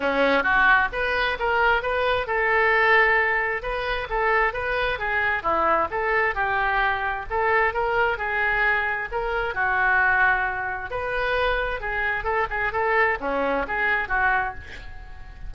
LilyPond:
\new Staff \with { instrumentName = "oboe" } { \time 4/4 \tempo 4 = 132 cis'4 fis'4 b'4 ais'4 | b'4 a'2. | b'4 a'4 b'4 gis'4 | e'4 a'4 g'2 |
a'4 ais'4 gis'2 | ais'4 fis'2. | b'2 gis'4 a'8 gis'8 | a'4 cis'4 gis'4 fis'4 | }